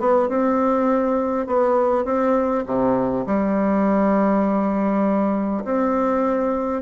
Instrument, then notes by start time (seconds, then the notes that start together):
bassoon
0.00 B3
0.29 C4
1.47 B3
2.05 C4
2.66 C3
3.26 G3
5.65 C4